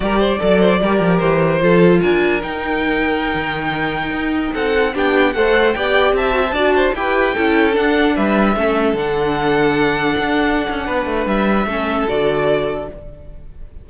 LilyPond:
<<
  \new Staff \with { instrumentName = "violin" } { \time 4/4 \tempo 4 = 149 d''2. c''4~ | c''4 gis''4 g''2~ | g''2.~ g''16 fis''8.~ | fis''16 g''4 fis''4 g''4 a''8.~ |
a''4~ a''16 g''2 fis''8.~ | fis''16 e''2 fis''4.~ fis''16~ | fis''1 | e''2 d''2 | }
  \new Staff \with { instrumentName = "violin" } { \time 4/4 ais'8 c''8 d''8 c''8 ais'2 | a'4 ais'2.~ | ais'2.~ ais'16 a'8.~ | a'16 g'4 c''4 d''4 e''8.~ |
e''16 d''8 c''8 b'4 a'4.~ a'16~ | a'16 b'4 a'2~ a'8.~ | a'2. b'4~ | b'4 a'2. | }
  \new Staff \with { instrumentName = "viola" } { \time 4/4 g'4 a'4 g'2 | f'2 dis'2~ | dis'1~ | dis'16 d'4 a'4 g'4. fis'16 |
c''16 fis'4 g'4 e'4 d'8.~ | d'4~ d'16 cis'4 d'4.~ d'16~ | d'1~ | d'4 cis'4 fis'2 | }
  \new Staff \with { instrumentName = "cello" } { \time 4/4 g4 fis4 g8 f8 e4 | f4 d'4 dis'2~ | dis'16 dis2 dis'4 c'8.~ | c'16 b4 a4 b4 c'8.~ |
c'16 d'4 e'4 cis'4 d'8.~ | d'16 g4 a4 d4.~ d16~ | d4~ d16 d'4~ d'16 cis'8 b8 a8 | g4 a4 d2 | }
>>